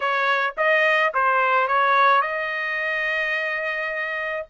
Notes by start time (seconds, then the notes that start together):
0.00 C#5
0.57 D#5
1.14 C5
1.67 C#5
2.21 D#5